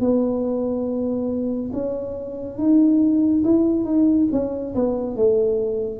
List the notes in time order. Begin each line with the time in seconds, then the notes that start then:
0.00 B3
1.73 C#4
2.58 D#4
3.44 E4
3.85 D#4
4.32 C#4
4.75 B3
5.16 A3